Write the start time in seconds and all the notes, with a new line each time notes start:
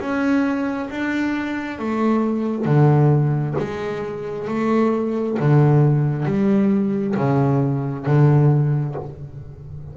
0.00 C#4
0.90 D4
1.79 A3
2.65 D3
3.59 G#3
4.48 A3
5.40 D3
6.25 G3
7.17 C#3
8.06 D3